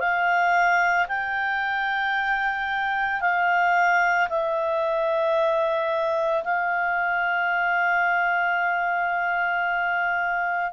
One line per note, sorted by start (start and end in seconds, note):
0.00 1.07 F5
1.08 3.21 G5
3.21 4.29 F5
4.30 6.44 E5
6.44 10.73 F5